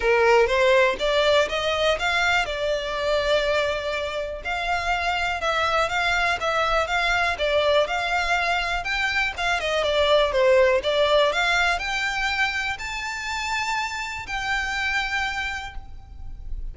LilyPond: \new Staff \with { instrumentName = "violin" } { \time 4/4 \tempo 4 = 122 ais'4 c''4 d''4 dis''4 | f''4 d''2.~ | d''4 f''2 e''4 | f''4 e''4 f''4 d''4 |
f''2 g''4 f''8 dis''8 | d''4 c''4 d''4 f''4 | g''2 a''2~ | a''4 g''2. | }